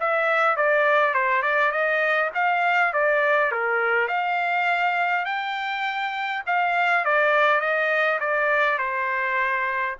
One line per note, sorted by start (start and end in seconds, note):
0.00 0.56 E5
0.56 1.14 D5
1.14 1.43 C5
1.43 1.72 D5
1.72 2.31 D#5
2.34 2.93 F5
2.93 3.52 D5
3.52 4.08 A#4
4.08 5.25 F5
5.25 6.43 G5
6.47 7.05 F5
7.05 7.60 D5
7.60 8.19 D#5
8.20 8.79 D5
8.79 9.96 C5